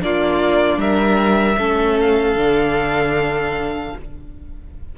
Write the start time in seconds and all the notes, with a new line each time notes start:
0.00 A#3 D4 F4 D5
0.77 G3 A#4 E5
1.58 A3 C#4 A4
2.01 F5
2.36 D3 D4